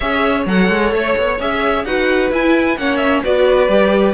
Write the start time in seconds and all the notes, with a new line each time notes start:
0.00 C#4 G#4 C#5 E5
0.45 F#3 A4 F#5
0.68 G#3
0.91 A3 C#5
1.17 B3
1.40 C#4 G#4 E5
1.84 D#4 F#4 B4 F#5
2.31 E4 G#5
2.77 A#3 C#4 C#5 F#5
2.96 E5
3.23 B3 F#4 B4 D5
3.68 G3 G4